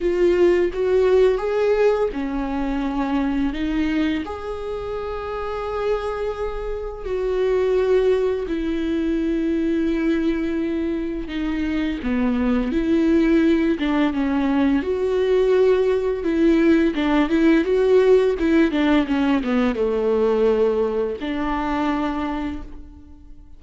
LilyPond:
\new Staff \with { instrumentName = "viola" } { \time 4/4 \tempo 4 = 85 f'4 fis'4 gis'4 cis'4~ | cis'4 dis'4 gis'2~ | gis'2 fis'2 | e'1 |
dis'4 b4 e'4. d'8 | cis'4 fis'2 e'4 | d'8 e'8 fis'4 e'8 d'8 cis'8 b8 | a2 d'2 | }